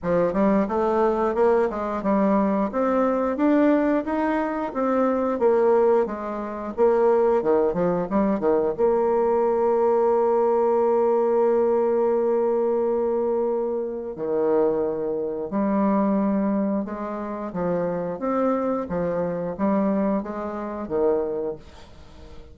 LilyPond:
\new Staff \with { instrumentName = "bassoon" } { \time 4/4 \tempo 4 = 89 f8 g8 a4 ais8 gis8 g4 | c'4 d'4 dis'4 c'4 | ais4 gis4 ais4 dis8 f8 | g8 dis8 ais2.~ |
ais1~ | ais4 dis2 g4~ | g4 gis4 f4 c'4 | f4 g4 gis4 dis4 | }